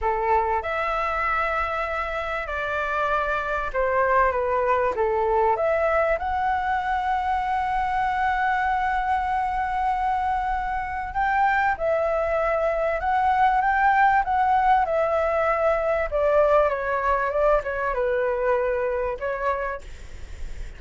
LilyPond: \new Staff \with { instrumentName = "flute" } { \time 4/4 \tempo 4 = 97 a'4 e''2. | d''2 c''4 b'4 | a'4 e''4 fis''2~ | fis''1~ |
fis''2 g''4 e''4~ | e''4 fis''4 g''4 fis''4 | e''2 d''4 cis''4 | d''8 cis''8 b'2 cis''4 | }